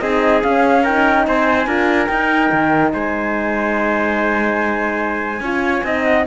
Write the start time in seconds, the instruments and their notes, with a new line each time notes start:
0.00 cello C4, horn D#4, trumpet G#4, flute D#5
0.43 horn C#4, cello C#4, flute F5
0.83 horn D#4, trumpet A#4, flute G5
1.27 cello C4, trumpet C5, flute G#5
1.66 cello D4, horn F4, trumpet A#4
2.07 cello D#4, horn D#4, flute G5
2.52 cello D#3
2.93 cello G#3, trumpet C5, flute G#5
5.40 cello C#4, horn F4, trumpet C#5
5.84 cello C4, horn D#4, trumpet D#5
6.03 flute F#5